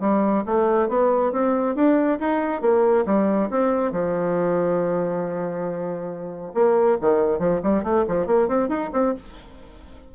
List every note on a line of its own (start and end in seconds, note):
0.00 0.43 G3
0.46 0.88 A3
0.88 1.32 B3
1.32 1.75 C4
1.75 2.19 D4
2.19 2.61 D#4
2.61 3.05 A#3
3.06 3.49 G3
3.50 3.91 C4
3.91 6.52 F3
6.54 6.98 A#3
7.01 7.39 D#3
7.39 7.60 F3
7.63 7.83 G3
7.83 8.05 A3
8.08 8.26 F3
8.26 8.48 A#3
8.48 8.68 C4
8.68 8.90 D#4
8.93 9.14 C4